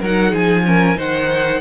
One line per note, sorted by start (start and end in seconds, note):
0.00 0.33 F#3
0.00 0.65 D#4
0.00 0.30 A#4
0.00 0.35 F#5
0.30 0.97 F3
0.30 0.62 G#4
0.30 0.99 G#5
0.65 0.95 C#4
0.65 0.97 A#4
0.95 1.61 D#3
0.95 1.59 D#4
0.95 1.61 C5
0.95 1.61 F#5